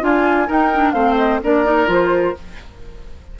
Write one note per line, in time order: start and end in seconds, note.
0.00 0.49 D4
0.00 0.47 F4
0.00 0.51 G#5
0.47 0.70 D#4
0.47 0.93 D#4
0.47 0.93 A#4
0.47 0.92 G5
0.74 0.94 D4
0.92 1.41 A3
0.92 1.42 C4
0.92 1.41 C5
0.92 1.15 F5
1.17 1.40 D#5
1.42 1.87 A#3
1.42 1.64 D4
1.42 2.38 A#4
1.42 1.91 D5
1.64 1.86 D#4
1.86 2.35 F3
1.86 2.34 F4
1.86 2.39 C5